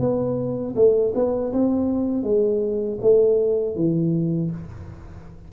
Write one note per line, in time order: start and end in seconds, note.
0.00 0.75 B3
0.76 1.14 A3
1.15 1.53 B3
1.53 2.24 C4
2.24 2.99 G#3
3.01 3.76 A3
3.76 4.51 E3